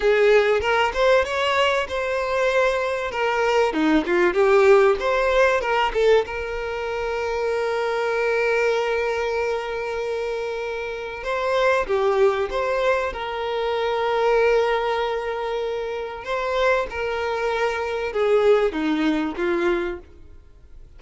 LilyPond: \new Staff \with { instrumentName = "violin" } { \time 4/4 \tempo 4 = 96 gis'4 ais'8 c''8 cis''4 c''4~ | c''4 ais'4 dis'8 f'8 g'4 | c''4 ais'8 a'8 ais'2~ | ais'1~ |
ais'2 c''4 g'4 | c''4 ais'2.~ | ais'2 c''4 ais'4~ | ais'4 gis'4 dis'4 f'4 | }